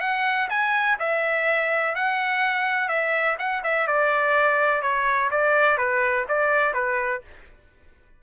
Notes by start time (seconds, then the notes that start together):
0.00 F#5
0.50 G#5
0.99 E5
1.95 F#5
2.88 E5
3.39 F#5
3.63 E5
3.87 D5
4.82 C#5
5.31 D5
5.77 B4
6.28 D5
6.74 B4